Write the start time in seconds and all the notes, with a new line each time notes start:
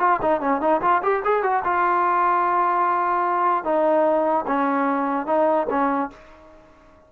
0.00 F4
0.22 D#4
0.41 C#4
0.61 D#4
0.82 F4
1.03 G4
1.25 G#4
1.43 F#4
1.65 F4
3.65 D#4
4.48 C#4
5.27 D#4
5.70 C#4